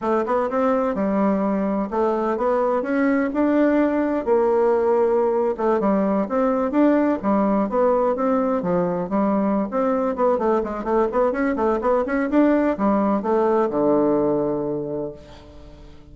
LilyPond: \new Staff \with { instrumentName = "bassoon" } { \time 4/4 \tempo 4 = 127 a8 b8 c'4 g2 | a4 b4 cis'4 d'4~ | d'4 ais2~ ais8. a16~ | a16 g4 c'4 d'4 g8.~ |
g16 b4 c'4 f4 g8.~ | g8 c'4 b8 a8 gis8 a8 b8 | cis'8 a8 b8 cis'8 d'4 g4 | a4 d2. | }